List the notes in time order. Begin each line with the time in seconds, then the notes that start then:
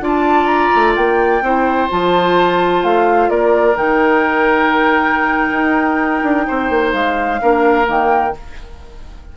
0.00 D4 F4 D5
0.06 A5
0.46 A#5
0.75 A3
0.95 A#3 G5
1.41 C4 E4 C5
1.89 F3 F4 A5
2.83 A3 F5
3.29 A#3 A#4 D5
3.75 D#3 D#4 G5
5.51 D#4
6.22 D4
6.47 C4 C5
6.69 A#3
6.92 G#3 F5
7.40 A#3 D4 A#4
7.85 D#3 A#3 G5